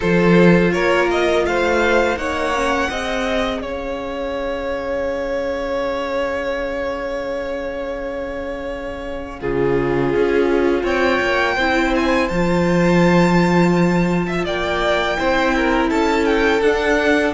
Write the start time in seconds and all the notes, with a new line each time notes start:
0.00 F3 F4 A4 C5
0.72 A#3 A#4 C#5
1.10 D#5
1.45 A3 C5 F5
2.16 A#3 D#4 C#5 F#5
2.54 C#4
2.89 C4 G#4 D#5
3.61 C#4 C#5 F5
9.40 C#3 F4 G#4
10.15 C#4
10.83 C4 C#5 G5
11.20 A#3
11.55 C4 E4 C5
11.95 G#5
12.28 F3 F4 A5
14.27 E5
14.44 A#3 D5 G5
15.17 C4 E4 C5
15.56 A#4
15.90 C#4 A4 A5
16.25 G5
16.61 D4 F#5